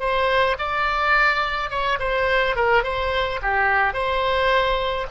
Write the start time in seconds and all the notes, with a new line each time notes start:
0.00 C5
0.59 D5
1.70 C#5
1.99 C5
2.56 A#4
2.84 C5
3.42 G4
3.93 C5